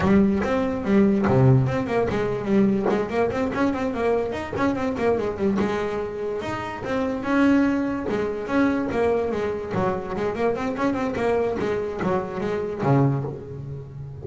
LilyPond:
\new Staff \with { instrumentName = "double bass" } { \time 4/4 \tempo 4 = 145 g4 c'4 g4 c4 | c'8 ais8 gis4 g4 gis8 ais8 | c'8 cis'8 c'8 ais4 dis'8 cis'8 c'8 | ais8 gis8 g8 gis2 dis'8~ |
dis'8 c'4 cis'2 gis8~ | gis8 cis'4 ais4 gis4 fis8~ | fis8 gis8 ais8 c'8 cis'8 c'8 ais4 | gis4 fis4 gis4 cis4 | }